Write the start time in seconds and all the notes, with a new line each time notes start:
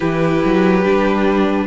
0.00 E3 E4 G4 B4
0.44 F#3
0.84 G3 D4